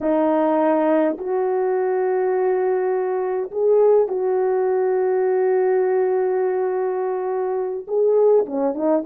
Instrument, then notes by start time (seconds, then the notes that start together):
horn
0.00 D#4
1.18 F#4
3.51 G#4
4.08 F#4
7.87 G#4
8.46 C#4
8.74 D#4